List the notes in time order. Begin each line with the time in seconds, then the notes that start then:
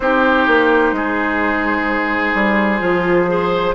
0.00 C4 D#4 G4 C5
0.47 A#3
0.92 G#3 G#4
2.34 G3
2.79 F3 F4
3.27 G#4 C5